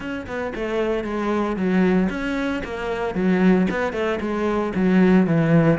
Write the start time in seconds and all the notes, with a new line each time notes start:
0.00 C#4
0.26 B3
0.55 A3
1.04 G#3
1.56 F#3
2.09 C#4
2.64 A#3
3.14 F#3
3.70 B3
3.92 A3
4.20 G#3
4.75 F#3
5.26 E3